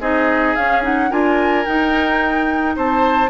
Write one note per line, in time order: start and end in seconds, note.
0.00 0.55 C4
0.00 0.57 D#4
0.00 1.10 G#4
0.00 0.55 D#5
0.55 0.83 C#4
0.55 1.11 C#4
0.55 0.83 F5
0.83 1.10 D#4
0.83 1.11 F#5
1.10 1.66 D4
1.10 1.66 F4
1.10 2.75 A#4
1.10 1.65 G#5
1.65 3.30 D#4
1.65 2.77 D#4
1.65 2.75 G5
2.76 3.30 C4
2.76 3.30 C5
2.76 3.30 A5